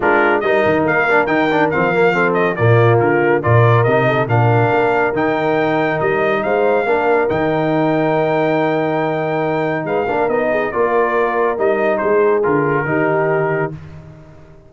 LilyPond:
<<
  \new Staff \with { instrumentName = "trumpet" } { \time 4/4 \tempo 4 = 140 ais'4 dis''4 f''4 g''4 | f''4. dis''8 d''4 ais'4 | d''4 dis''4 f''2 | g''2 dis''4 f''4~ |
f''4 g''2.~ | g''2. f''4 | dis''4 d''2 dis''4 | c''4 ais'2. | }
  \new Staff \with { instrumentName = "horn" } { \time 4/4 f'4 ais'2.~ | ais'4 a'4 f'2 | ais'4. a'8 ais'2~ | ais'2. c''4 |
ais'1~ | ais'2. b'8 ais'8~ | ais'8 gis'8 ais'2. | gis'2 g'2 | }
  \new Staff \with { instrumentName = "trombone" } { \time 4/4 d'4 dis'4. d'8 dis'8 d'8 | c'8 ais8 c'4 ais2 | f'4 dis'4 d'2 | dis'1 |
d'4 dis'2.~ | dis'2.~ dis'8 d'8 | dis'4 f'2 dis'4~ | dis'4 f'4 dis'2 | }
  \new Staff \with { instrumentName = "tuba" } { \time 4/4 gis4 g8 dis8 ais4 dis4 | f2 ais,4 d4 | ais,4 c4 ais,4 ais4 | dis2 g4 gis4 |
ais4 dis2.~ | dis2. gis8 ais8 | b4 ais2 g4 | gis4 d4 dis2 | }
>>